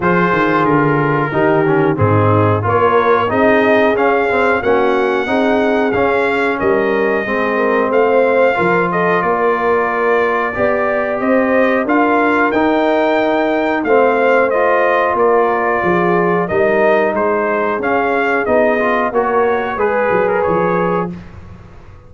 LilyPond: <<
  \new Staff \with { instrumentName = "trumpet" } { \time 4/4 \tempo 4 = 91 c''4 ais'2 gis'4 | cis''4 dis''4 f''4 fis''4~ | fis''4 f''4 dis''2 | f''4. dis''8 d''2~ |
d''4 dis''4 f''4 g''4~ | g''4 f''4 dis''4 d''4~ | d''4 dis''4 c''4 f''4 | dis''4 cis''4 b'8. ais'16 cis''4 | }
  \new Staff \with { instrumentName = "horn" } { \time 4/4 gis'2 g'4 dis'4 | ais'4 gis'2 fis'4 | gis'2 ais'4 gis'8 ais'8 | c''4 ais'8 a'8 ais'2 |
d''4 c''4 ais'2~ | ais'4 c''2 ais'4 | gis'4 ais'4 gis'2~ | gis'4 ais'4 b'2 | }
  \new Staff \with { instrumentName = "trombone" } { \time 4/4 f'2 dis'8 cis'8 c'4 | f'4 dis'4 cis'8 c'8 cis'4 | dis'4 cis'2 c'4~ | c'4 f'2. |
g'2 f'4 dis'4~ | dis'4 c'4 f'2~ | f'4 dis'2 cis'4 | dis'8 f'8 fis'4 gis'2 | }
  \new Staff \with { instrumentName = "tuba" } { \time 4/4 f8 dis8 d4 dis4 gis,4 | ais4 c'4 cis'4 ais4 | c'4 cis'4 g4 gis4 | a4 f4 ais2 |
b4 c'4 d'4 dis'4~ | dis'4 a2 ais4 | f4 g4 gis4 cis'4 | b4 ais4 gis8 fis8 f4 | }
>>